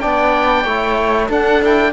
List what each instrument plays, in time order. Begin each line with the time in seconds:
0.00 cello B3, trombone D4, viola D5, oboe G5
0.64 cello A3, trombone E4, viola C#5
1.28 trombone D4, cello D4, viola A4, oboe F#5
1.62 trombone E4, oboe G5